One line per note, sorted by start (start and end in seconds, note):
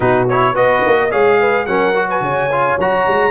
0.00 0.54 B2
0.00 0.27 D#4
0.00 0.54 F#4
0.00 0.28 B4
0.29 0.55 E4
0.29 0.55 C#5
0.54 0.82 B3
0.54 1.10 F#4
0.54 0.95 B4
0.54 1.11 D#5
0.86 1.13 A#3
0.99 1.11 D#5
1.10 1.66 G#3
1.10 1.66 G#4
1.10 1.39 C#5
1.10 1.66 F5
1.40 1.67 B4
1.66 2.20 F#3
1.66 1.95 C#4
1.66 2.08 A#4
1.66 2.07 F#5
1.95 2.50 F#4
2.08 2.22 B4
2.08 2.79 G#5
2.20 2.76 C#3
2.20 3.31 C#5
2.51 2.79 F4
2.78 3.06 F#3
2.78 3.31 F#4
2.78 3.31 A#5
3.07 3.31 G#3